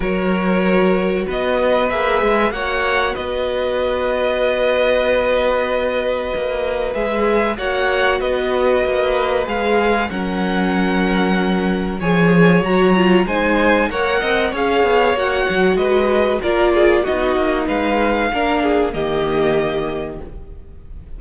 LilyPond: <<
  \new Staff \with { instrumentName = "violin" } { \time 4/4 \tempo 4 = 95 cis''2 dis''4 e''4 | fis''4 dis''2.~ | dis''2. e''4 | fis''4 dis''2 f''4 |
fis''2. gis''4 | ais''4 gis''4 fis''4 f''4 | fis''4 dis''4 d''4 dis''4 | f''2 dis''2 | }
  \new Staff \with { instrumentName = "violin" } { \time 4/4 ais'2 b'2 | cis''4 b'2.~ | b'1 | cis''4 b'2. |
ais'2. cis''4~ | cis''4 c''4 cis''8 dis''8 cis''4~ | cis''4 b'4 ais'8 gis'8 fis'4 | b'4 ais'8 gis'8 g'2 | }
  \new Staff \with { instrumentName = "viola" } { \time 4/4 fis'2. gis'4 | fis'1~ | fis'2. gis'4 | fis'2. gis'4 |
cis'2. gis'4 | fis'8 f'8 dis'4 ais'4 gis'4 | fis'2 f'4 dis'4~ | dis'4 d'4 ais2 | }
  \new Staff \with { instrumentName = "cello" } { \time 4/4 fis2 b4 ais8 gis8 | ais4 b2.~ | b2 ais4 gis4 | ais4 b4 ais4 gis4 |
fis2. f4 | fis4 gis4 ais8 c'8 cis'8 b8 | ais8 fis8 gis4 ais4 b8 ais8 | gis4 ais4 dis2 | }
>>